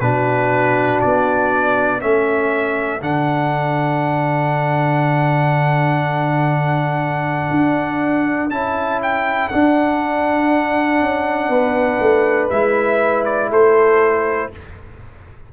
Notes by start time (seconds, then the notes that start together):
0.00 B2 D4 F#4 B4
1.01 B3 D5
2.00 A3 C#4 A4 E5
3.01 D3 D4 F#5
7.50 D4
8.50 C#4 E4 A5
9.03 G5
9.49 D4 F#5
11.01 C#4
11.49 B3 B4
12.00 A3
12.50 G#3 E4 E5
13.25 D5
13.50 A3 A4 C5